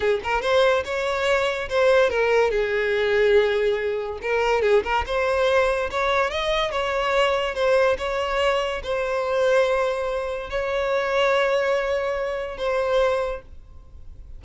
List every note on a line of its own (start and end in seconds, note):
0.00 0.20 G#4
0.23 0.41 A#4
0.41 0.83 C5
0.84 1.68 C#5
1.69 2.10 C5
2.10 2.50 A#4
2.50 4.18 G#4
4.21 4.62 A#4
4.62 4.83 G#4
4.83 5.04 A#4
5.06 5.90 C5
5.90 6.30 C#5
6.30 6.71 D#5
6.71 7.54 C#5
7.54 7.96 C5
7.98 8.81 C#5
8.83 10.50 C5
10.50 12.57 C#5
12.57 13.41 C5